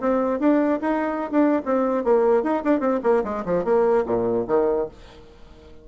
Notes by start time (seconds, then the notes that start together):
0.00 C4
0.40 D4
0.81 D#4
1.31 D4
1.65 C4
2.04 A#3
2.43 D#4
2.64 D4
2.80 C4
3.03 A#3
3.24 G#3
3.45 F3
3.64 A#3
4.06 A#2
4.47 D#3